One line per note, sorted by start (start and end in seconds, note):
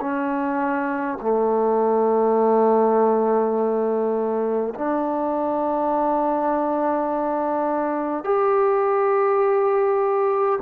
0.00 1.18 C#4
1.21 4.74 A3
4.75 8.24 D4
8.24 10.59 G4